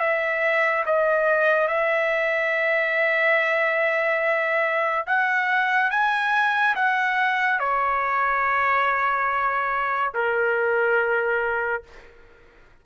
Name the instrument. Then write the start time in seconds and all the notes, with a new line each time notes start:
trumpet
0.00 E5
0.86 D#5
1.68 E5
5.07 F#5
5.91 G#5
6.76 F#5
7.60 C#5
10.14 A#4